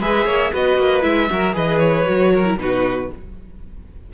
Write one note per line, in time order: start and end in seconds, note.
0.00 0.25 G#3
0.00 0.53 G#4
0.00 0.26 B4
0.00 0.53 E5
0.25 0.51 A#3
0.25 0.52 C#5
0.52 0.78 B3
0.52 1.02 F#4
0.52 1.30 B4
0.52 1.03 D#5
0.78 1.04 A#3
1.02 1.30 G#3
1.02 1.28 E4
1.02 1.55 E5
1.30 1.55 F#3
1.30 1.53 F#4
1.30 1.55 A#4
1.53 2.07 E3
1.53 2.05 G#4
1.53 2.33 B4
1.53 1.79 D#5
1.79 2.56 C#5
2.06 2.58 F#3
2.06 2.45 F#4
2.34 2.60 A#4
2.46 2.59 E4
2.58 3.09 B2
2.58 3.11 D#4
2.58 3.14 F#4
2.58 3.12 B4